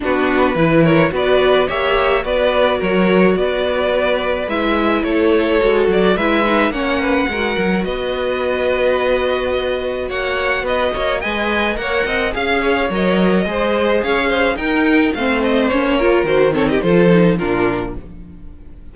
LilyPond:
<<
  \new Staff \with { instrumentName = "violin" } { \time 4/4 \tempo 4 = 107 b'4. cis''8 d''4 e''4 | d''4 cis''4 d''2 | e''4 cis''4. d''8 e''4 | fis''2 dis''2~ |
dis''2 fis''4 dis''4 | gis''4 fis''4 f''4 dis''4~ | dis''4 f''4 g''4 f''8 dis''8 | cis''4 c''8 cis''16 dis''16 c''4 ais'4 | }
  \new Staff \with { instrumentName = "violin" } { \time 4/4 fis'4 b'8 ais'8 b'4 cis''4 | b'4 ais'4 b'2~ | b'4 a'2 b'4 | cis''8 b'8 ais'4 b'2~ |
b'2 cis''4 b'8 cis''8 | dis''4 cis''8 dis''8 f''8 cis''4. | c''4 cis''8 c''8 ais'4 c''4~ | c''8 ais'4 a'16 g'16 a'4 f'4 | }
  \new Staff \with { instrumentName = "viola" } { \time 4/4 d'4 e'4 fis'4 g'4 | fis'1 | e'2 fis'4 e'8 dis'8 | cis'4 fis'2.~ |
fis'1 | b'4 ais'4 gis'4 ais'4 | gis'2 dis'4 c'4 | cis'8 f'8 fis'8 c'8 f'8 dis'8 d'4 | }
  \new Staff \with { instrumentName = "cello" } { \time 4/4 b4 e4 b4 ais4 | b4 fis4 b2 | gis4 a4 gis8 fis8 gis4 | ais4 gis8 fis8 b2~ |
b2 ais4 b8 ais8 | gis4 ais8 c'8 cis'4 fis4 | gis4 cis'4 dis'4 a4 | ais4 dis4 f4 ais,4 | }
>>